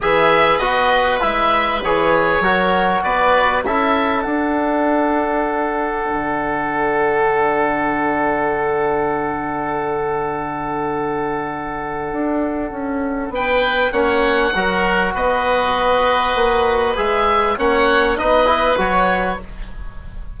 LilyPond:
<<
  \new Staff \with { instrumentName = "oboe" } { \time 4/4 \tempo 4 = 99 e''4 dis''4 e''4 cis''4~ | cis''4 d''4 e''4 fis''4~ | fis''1~ | fis''1~ |
fis''1~ | fis''2 g''4 fis''4~ | fis''4 dis''2. | e''4 fis''4 dis''4 cis''4 | }
  \new Staff \with { instrumentName = "oboe" } { \time 4/4 b'1 | ais'4 b'4 a'2~ | a'1~ | a'1~ |
a'1~ | a'2 b'4 cis''4 | ais'4 b'2.~ | b'4 cis''4 b'2 | }
  \new Staff \with { instrumentName = "trombone" } { \time 4/4 gis'4 fis'4 e'4 gis'4 | fis'2 e'4 d'4~ | d'1~ | d'1~ |
d'1~ | d'2. cis'4 | fis'1 | gis'4 cis'4 dis'8 e'8 fis'4 | }
  \new Staff \with { instrumentName = "bassoon" } { \time 4/4 e4 b4 gis4 e4 | fis4 b4 cis'4 d'4~ | d'2 d2~ | d1~ |
d1 | d'4 cis'4 b4 ais4 | fis4 b2 ais4 | gis4 ais4 b4 fis4 | }
>>